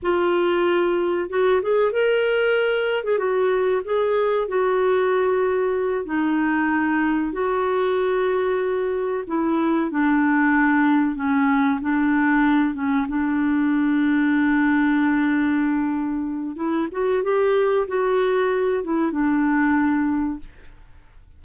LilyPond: \new Staff \with { instrumentName = "clarinet" } { \time 4/4 \tempo 4 = 94 f'2 fis'8 gis'8 ais'4~ | ais'8. gis'16 fis'4 gis'4 fis'4~ | fis'4. dis'2 fis'8~ | fis'2~ fis'8 e'4 d'8~ |
d'4. cis'4 d'4. | cis'8 d'2.~ d'8~ | d'2 e'8 fis'8 g'4 | fis'4. e'8 d'2 | }